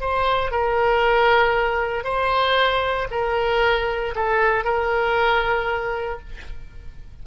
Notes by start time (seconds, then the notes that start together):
0.00 C5
0.51 A#4
2.04 C5
3.11 A#4
4.15 A4
4.64 A#4